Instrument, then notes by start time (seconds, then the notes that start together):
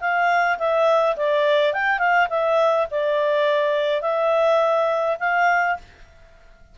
clarinet
0.00 F5
0.58 E5
1.16 D5
1.73 G5
1.98 F5
2.29 E5
2.90 D5
4.01 E5
5.19 F5